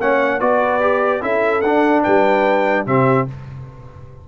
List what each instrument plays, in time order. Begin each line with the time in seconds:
0.00 tuba A#3, trombone C#4, horn C#5, trumpet F#5
0.39 tuba B3, trombone F#4, horn B4, trumpet D5
0.81 trombone G4
1.21 tuba C#4, trombone E4, horn A4, trumpet E5
1.61 tuba D4, trombone D4, trumpet F#5
2.03 tuba G3, horn B4, trumpet G5
2.86 tuba C3, trombone C4, horn G4, trumpet E5